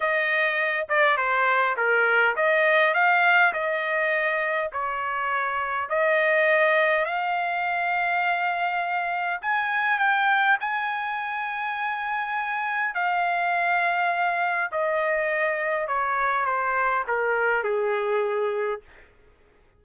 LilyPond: \new Staff \with { instrumentName = "trumpet" } { \time 4/4 \tempo 4 = 102 dis''4. d''8 c''4 ais'4 | dis''4 f''4 dis''2 | cis''2 dis''2 | f''1 |
gis''4 g''4 gis''2~ | gis''2 f''2~ | f''4 dis''2 cis''4 | c''4 ais'4 gis'2 | }